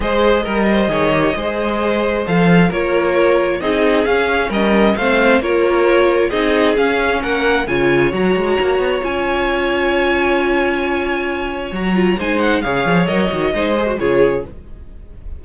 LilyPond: <<
  \new Staff \with { instrumentName = "violin" } { \time 4/4 \tempo 4 = 133 dis''1~ | dis''4 f''4 cis''2 | dis''4 f''4 dis''4 f''4 | cis''2 dis''4 f''4 |
fis''4 gis''4 ais''2 | gis''1~ | gis''2 ais''4 gis''8 fis''8 | f''4 dis''2 cis''4 | }
  \new Staff \with { instrumentName = "violin" } { \time 4/4 c''4 ais'8 c''8 cis''4 c''4~ | c''2 ais'2 | gis'2 ais'4 c''4 | ais'2 gis'2 |
ais'4 cis''2.~ | cis''1~ | cis''2. c''4 | cis''2 c''4 gis'4 | }
  \new Staff \with { instrumentName = "viola" } { \time 4/4 gis'4 ais'4 gis'8 g'8 gis'4~ | gis'4 a'4 f'2 | dis'4 cis'2 c'4 | f'2 dis'4 cis'4~ |
cis'4 f'4 fis'2 | f'1~ | f'2 fis'8 f'8 dis'4 | gis'4 ais'8 fis'8 dis'8 gis'16 fis'16 f'4 | }
  \new Staff \with { instrumentName = "cello" } { \time 4/4 gis4 g4 dis4 gis4~ | gis4 f4 ais2 | c'4 cis'4 g4 a4 | ais2 c'4 cis'4 |
ais4 cis4 fis8 gis8 ais8 b8 | cis'1~ | cis'2 fis4 gis4 | cis8 f8 fis8 dis8 gis4 cis4 | }
>>